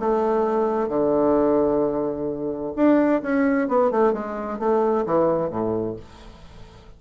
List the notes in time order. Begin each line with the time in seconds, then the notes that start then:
0.00 A3
0.89 D3
2.76 D4
3.22 C#4
3.69 B3
3.91 A3
4.13 G#3
4.60 A3
5.06 E3
5.50 A2